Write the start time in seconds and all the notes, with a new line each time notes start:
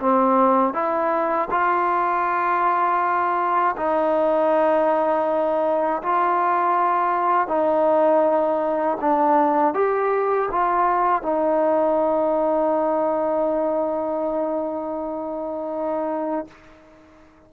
0.00 C4
0.74 E4
1.51 F4
3.77 D#4
6.03 F4
7.48 D#4
9.01 D4
9.74 G4
10.52 F4
11.23 D#4